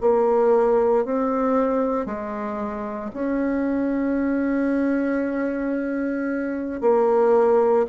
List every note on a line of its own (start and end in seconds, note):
0.00 1.05 A#3
1.05 2.05 C4
2.05 3.11 G#3
3.13 6.81 C#4
6.81 7.86 A#3